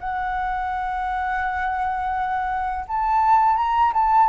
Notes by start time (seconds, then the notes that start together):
0.00 F#5
2.88 A5
3.57 A#5
3.94 A5